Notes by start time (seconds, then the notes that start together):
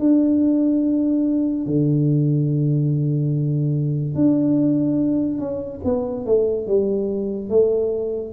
0.00 D4
1.67 D3
4.15 D4
5.39 C#4
5.84 B3
6.26 A3
6.67 G3
7.50 A3